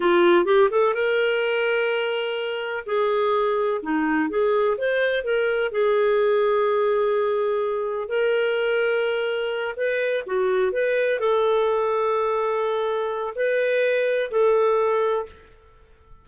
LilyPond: \new Staff \with { instrumentName = "clarinet" } { \time 4/4 \tempo 4 = 126 f'4 g'8 a'8 ais'2~ | ais'2 gis'2 | dis'4 gis'4 c''4 ais'4 | gis'1~ |
gis'4 ais'2.~ | ais'8 b'4 fis'4 b'4 a'8~ | a'1 | b'2 a'2 | }